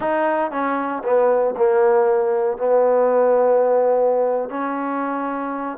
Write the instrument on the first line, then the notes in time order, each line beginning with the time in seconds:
trombone
0.00 D#4
0.51 C#4
1.03 B3
1.56 A#3
2.57 B3
4.49 C#4